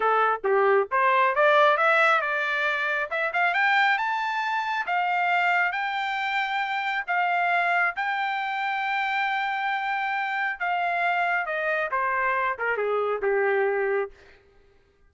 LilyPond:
\new Staff \with { instrumentName = "trumpet" } { \time 4/4 \tempo 4 = 136 a'4 g'4 c''4 d''4 | e''4 d''2 e''8 f''8 | g''4 a''2 f''4~ | f''4 g''2. |
f''2 g''2~ | g''1 | f''2 dis''4 c''4~ | c''8 ais'8 gis'4 g'2 | }